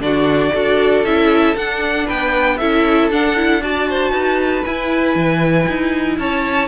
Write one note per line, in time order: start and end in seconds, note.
0.00 0.51 D3
0.00 0.53 D4
0.00 0.55 F#4
0.00 1.05 D5
0.53 1.04 D4
0.53 1.05 F#4
0.53 2.06 A4
1.04 1.55 C#4
1.04 1.56 E4
1.04 1.56 E5
1.56 2.58 D4
1.56 2.07 D4
1.56 2.08 F#5
2.06 2.61 B3
2.06 2.57 B4
2.06 2.58 G5
2.58 3.10 C#4
2.58 3.12 E4
2.58 3.62 A4
2.58 3.09 E5
3.10 4.11 D4
3.10 3.36 D4
3.10 3.63 F#5
3.36 3.61 E4
3.62 4.64 F#4
3.62 3.89 D5
3.62 4.65 A5
3.90 4.12 C5
4.11 4.62 D#4
4.11 6.17 B4
4.65 6.68 E4
4.65 5.16 E4
4.65 6.18 G#5
5.16 5.67 E3
5.68 6.18 D#4
6.18 6.68 C#4
6.18 6.68 C#5
6.18 6.68 A5